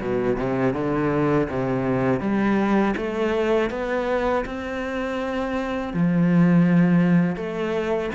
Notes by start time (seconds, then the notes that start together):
0.00 B2
0.36 C3
0.73 D3
1.49 C3
2.20 G3
2.96 A3
3.70 B3
4.45 C4
5.93 F3
7.36 A3